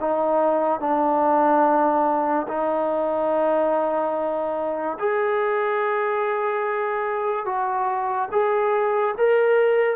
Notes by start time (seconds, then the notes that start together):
0.00 D#4
0.80 D4
2.48 D#4
4.99 G#4
7.45 F#4
8.31 G#4
9.17 A#4